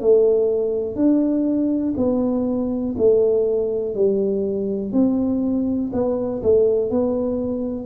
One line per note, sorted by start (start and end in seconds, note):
0.00 0.95 A3
0.95 1.94 D4
1.97 2.95 B3
2.97 3.94 A3
3.94 4.92 G3
4.92 5.90 C4
5.92 6.42 B3
6.42 6.90 A3
6.90 7.85 B3